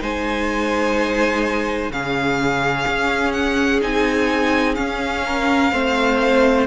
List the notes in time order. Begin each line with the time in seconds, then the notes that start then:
0.00 G#3 D#4 C5 G#5
1.89 C#3 C#4 G#4 F5
2.87 C#4
3.32 F#5
3.81 C4 D#4 G#5
4.75 C#4 F5
5.25 A#4
5.72 A3 C4 C5